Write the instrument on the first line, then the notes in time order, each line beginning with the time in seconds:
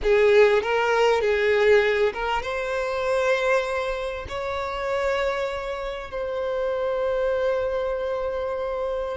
violin
0.02 G#4
0.62 A#4
1.21 G#4
2.13 A#4
2.42 C5
4.28 C#5
6.11 C5